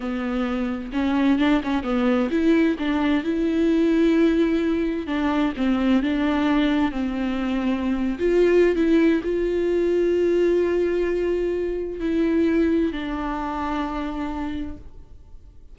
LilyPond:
\new Staff \with { instrumentName = "viola" } { \time 4/4 \tempo 4 = 130 b2 cis'4 d'8 cis'8 | b4 e'4 d'4 e'4~ | e'2. d'4 | c'4 d'2 c'4~ |
c'4.~ c'16 f'4~ f'16 e'4 | f'1~ | f'2 e'2 | d'1 | }